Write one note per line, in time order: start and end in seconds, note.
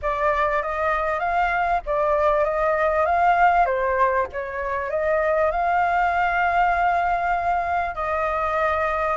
0.01 0.62 D5
0.62 1.19 D#5
1.19 1.80 F5
1.85 2.44 D5
2.44 3.05 D#5
3.05 3.65 F5
3.65 4.27 C5
4.32 4.90 C#5
4.90 5.51 D#5
5.51 7.95 F5
7.95 9.16 D#5